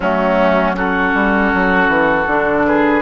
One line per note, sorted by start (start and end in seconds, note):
0.00 1.14 F#3
0.00 0.73 A3
0.00 0.75 C#4
0.00 0.75 F#4
0.73 2.25 C#4
0.73 2.66 F#4
0.73 2.66 A4
1.14 1.52 G3
1.54 1.88 F#3
1.88 2.26 E3
2.26 3.02 D3
2.26 3.02 D4
2.66 3.02 G#4
2.66 3.02 B4